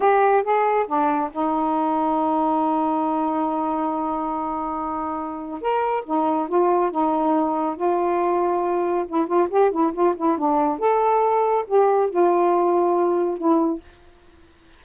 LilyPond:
\new Staff \with { instrumentName = "saxophone" } { \time 4/4 \tempo 4 = 139 g'4 gis'4 d'4 dis'4~ | dis'1~ | dis'1~ | dis'4 ais'4 dis'4 f'4 |
dis'2 f'2~ | f'4 e'8 f'8 g'8 e'8 f'8 e'8 | d'4 a'2 g'4 | f'2. e'4 | }